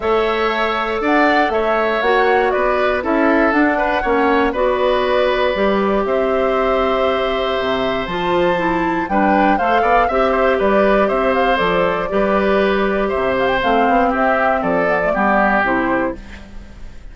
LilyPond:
<<
  \new Staff \with { instrumentName = "flute" } { \time 4/4 \tempo 4 = 119 e''2 fis''4 e''4 | fis''4 d''4 e''4 fis''4~ | fis''4 d''2. | e''1 |
a''2 g''4 f''4 | e''4 d''4 e''8 f''8 d''4~ | d''2 e''8 f''16 g''16 f''4 | e''4 d''2 c''4 | }
  \new Staff \with { instrumentName = "oboe" } { \time 4/4 cis''2 d''4 cis''4~ | cis''4 b'4 a'4. b'8 | cis''4 b'2. | c''1~ |
c''2 b'4 c''8 d''8 | e''8 c''8 b'4 c''2 | b'2 c''2 | g'4 a'4 g'2 | }
  \new Staff \with { instrumentName = "clarinet" } { \time 4/4 a'1 | fis'2 e'4 d'4 | cis'4 fis'2 g'4~ | g'1 |
f'4 e'4 d'4 a'4 | g'2. a'4 | g'2. c'4~ | c'4. b16 a16 b4 e'4 | }
  \new Staff \with { instrumentName = "bassoon" } { \time 4/4 a2 d'4 a4 | ais4 b4 cis'4 d'4 | ais4 b2 g4 | c'2. c4 |
f2 g4 a8 b8 | c'4 g4 c'4 f4 | g2 c4 a8 b8 | c'4 f4 g4 c4 | }
>>